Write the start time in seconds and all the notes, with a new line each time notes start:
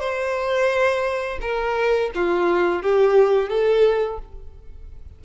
0.00 C5
1.41 A#4
2.16 F4
2.83 G4
3.50 A4